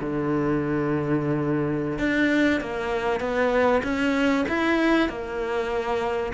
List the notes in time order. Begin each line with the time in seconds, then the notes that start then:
0.00 D3
1.99 D4
2.60 A#3
3.20 B3
3.83 C#4
4.49 E4
5.09 A#3